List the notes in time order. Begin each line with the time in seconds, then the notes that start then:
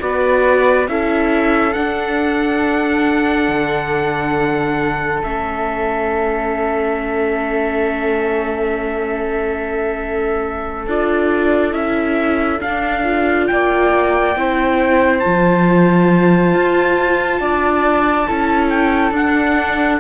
0.00 B3 F#4 B4 D5
0.88 C#4 E4 A4 E5
1.74 D4 F#5
3.48 D3
5.23 A3 C#4 E5
10.87 D4 F4 D5
11.72 C#4 E4 E5
12.61 D4 F5
13.04 F4
13.47 A#3 D5 G5
14.36 C4 E4 C5
15.19 F4 A5
15.26 F3
16.55 F4
17.41 D4 D5
18.27 C#4 E4 A4
18.69 G5
19.12 D4 F#5